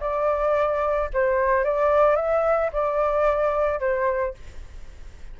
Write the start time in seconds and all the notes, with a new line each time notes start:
0.00 D5
1.13 C5
1.64 D5
2.16 E5
2.72 D5
3.79 C5